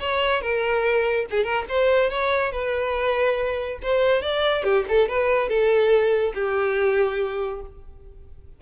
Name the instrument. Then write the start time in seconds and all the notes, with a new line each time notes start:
violin
0.00 C#5
0.41 A#4
1.31 G#4
1.44 A#4
1.69 C5
2.10 C#5
2.52 B4
3.83 C5
4.22 D5
4.64 G4
4.89 A4
5.09 B4
5.49 A4
6.34 G4